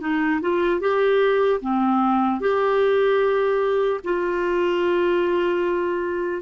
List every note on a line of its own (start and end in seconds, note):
0.00 0.40 D#4
0.41 0.80 F4
0.80 1.60 G4
1.60 2.40 C4
2.40 4.00 G4
4.04 6.42 F4